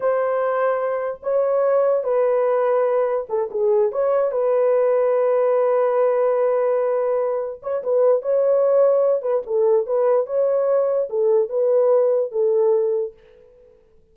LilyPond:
\new Staff \with { instrumentName = "horn" } { \time 4/4 \tempo 4 = 146 c''2. cis''4~ | cis''4 b'2. | a'8 gis'4 cis''4 b'4.~ | b'1~ |
b'2~ b'8 cis''8 b'4 | cis''2~ cis''8 b'8 a'4 | b'4 cis''2 a'4 | b'2 a'2 | }